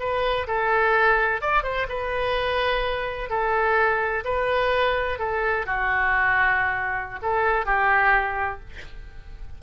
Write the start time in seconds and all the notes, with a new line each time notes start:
0.00 B4
0.47 A4
1.41 D5
1.63 C5
1.89 B4
3.30 A4
4.25 B4
5.19 A4
5.66 F#4
7.22 A4
7.66 G4